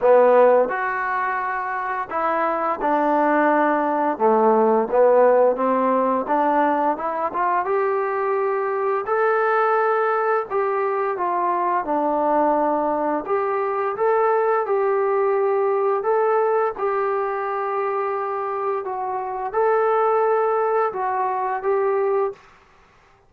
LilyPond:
\new Staff \with { instrumentName = "trombone" } { \time 4/4 \tempo 4 = 86 b4 fis'2 e'4 | d'2 a4 b4 | c'4 d'4 e'8 f'8 g'4~ | g'4 a'2 g'4 |
f'4 d'2 g'4 | a'4 g'2 a'4 | g'2. fis'4 | a'2 fis'4 g'4 | }